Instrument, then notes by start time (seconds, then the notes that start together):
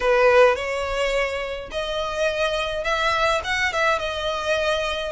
violin
0.00 B4
0.55 C#5
1.71 D#5
2.84 E5
3.44 F#5
3.72 E5
3.98 D#5